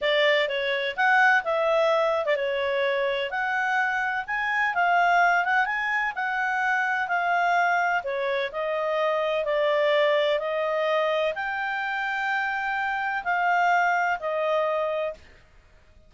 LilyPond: \new Staff \with { instrumentName = "clarinet" } { \time 4/4 \tempo 4 = 127 d''4 cis''4 fis''4 e''4~ | e''8. d''16 cis''2 fis''4~ | fis''4 gis''4 f''4. fis''8 | gis''4 fis''2 f''4~ |
f''4 cis''4 dis''2 | d''2 dis''2 | g''1 | f''2 dis''2 | }